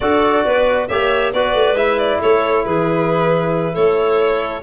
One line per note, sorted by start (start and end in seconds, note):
0.00 0.45 D4
0.00 0.89 F#4
0.00 0.45 A4
0.00 0.87 D5
0.45 0.89 B3
0.45 0.89 B4
0.87 1.33 A#3
0.87 1.34 G4
0.87 1.33 C#5
0.87 1.32 E5
1.33 1.53 B3
1.33 1.76 F#4
1.33 2.19 B4
1.33 1.76 D5
1.53 1.72 A3
1.72 2.16 G#3
1.72 4.62 E4
1.72 1.98 E5
1.98 2.20 D5
2.19 2.66 A3
2.19 2.63 A4
2.19 2.64 C#5
2.64 3.76 E3
2.64 3.73 G#4
2.64 3.74 B4
3.73 4.62 A3
3.73 4.61 A4
3.73 4.62 C#5